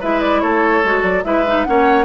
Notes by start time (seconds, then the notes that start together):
0.00 G#3 E4 B4 E5
0.21 D5
0.40 A3 A4 C#5
0.84 G#3 F#4
1.02 F#3 D5
1.24 G#3 E4 B4 E5
1.47 D#4
1.64 A#3 C#4 C#5 F#5